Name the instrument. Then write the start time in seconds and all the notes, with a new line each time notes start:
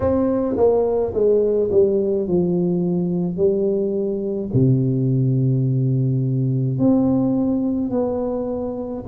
tuba
0.00 C4
0.57 A#3
1.13 G#3
1.71 G3
2.27 F3
3.37 G3
4.53 C3
6.78 C4
7.90 B3